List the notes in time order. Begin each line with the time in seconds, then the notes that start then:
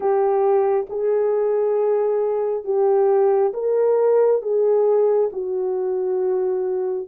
0.00 G4
0.89 G#4
2.64 G4
3.53 A#4
4.42 G#4
5.32 F#4